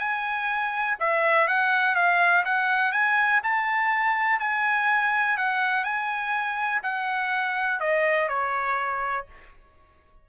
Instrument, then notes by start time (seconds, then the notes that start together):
trumpet
0.00 G#5
1.00 E5
1.48 F#5
1.95 F5
2.45 F#5
2.92 G#5
3.44 A5
4.40 G#5
5.37 F#5
5.84 G#5
6.83 F#5
7.80 D#5
8.29 C#5